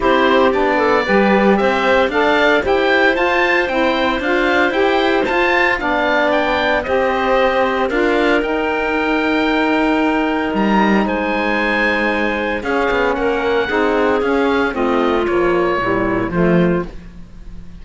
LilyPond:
<<
  \new Staff \with { instrumentName = "oboe" } { \time 4/4 \tempo 4 = 114 c''4 d''2 e''4 | f''4 g''4 a''4 g''4 | f''4 g''4 a''4 f''4 | g''4 dis''2 f''4 |
g''1 | ais''4 gis''2. | f''4 fis''2 f''4 | dis''4 cis''2 c''4 | }
  \new Staff \with { instrumentName = "clarinet" } { \time 4/4 g'4. a'8 b'4 c''4 | d''4 c''2.~ | c''2. d''4~ | d''4 c''2 ais'4~ |
ais'1~ | ais'4 c''2. | gis'4 ais'4 gis'2 | f'2 e'4 f'4 | }
  \new Staff \with { instrumentName = "saxophone" } { \time 4/4 e'4 d'4 g'2 | a'4 g'4 f'4 e'4 | f'4 g'4 f'4 d'4~ | d'4 g'2 f'4 |
dis'1~ | dis'1 | cis'2 dis'4 cis'4 | c'4 f4 g4 a4 | }
  \new Staff \with { instrumentName = "cello" } { \time 4/4 c'4 b4 g4 c'4 | d'4 e'4 f'4 c'4 | d'4 e'4 f'4 b4~ | b4 c'2 d'4 |
dis'1 | g4 gis2. | cis'8 b8 ais4 c'4 cis'4 | a4 ais4 ais,4 f4 | }
>>